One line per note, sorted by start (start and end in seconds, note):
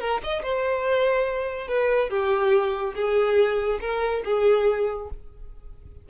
0.00 0.21 A#4
0.23 0.42 D#5
0.42 1.67 C5
1.67 2.09 B4
2.09 2.94 G4
2.95 3.79 G#4
3.80 4.23 A#4
4.24 5.09 G#4